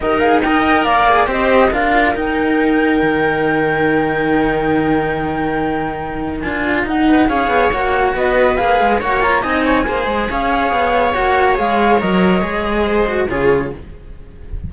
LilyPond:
<<
  \new Staff \with { instrumentName = "flute" } { \time 4/4 \tempo 4 = 140 dis''8 f''8 g''4 f''4 dis''4 | f''4 g''2.~ | g''1~ | g''2. gis''4 |
fis''4 f''4 fis''4 dis''4 | f''4 fis''8 ais''8 gis''2 | f''2 fis''4 f''4 | dis''2. cis''4 | }
  \new Staff \with { instrumentName = "viola" } { \time 4/4 ais'4 dis''4 d''4 c''4 | ais'1~ | ais'1~ | ais'1~ |
ais'8 b'8 cis''2 b'4~ | b'4 cis''4 dis''8 cis''8 c''4 | cis''1~ | cis''2 c''4 gis'4 | }
  \new Staff \with { instrumentName = "cello" } { \time 4/4 g'8 gis'8 ais'4. gis'8 g'4 | f'4 dis'2.~ | dis'1~ | dis'2. f'4 |
dis'4 gis'4 fis'2 | gis'4 fis'8 f'8 dis'4 gis'4~ | gis'2 fis'4 gis'4 | ais'4 gis'4. fis'8 f'4 | }
  \new Staff \with { instrumentName = "cello" } { \time 4/4 dis'2 ais4 c'4 | d'4 dis'2 dis4~ | dis1~ | dis2. d'4 |
dis'4 cis'8 b8 ais4 b4 | ais8 gis8 ais4 c'4 ais8 gis8 | cis'4 b4 ais4 gis4 | fis4 gis2 cis4 | }
>>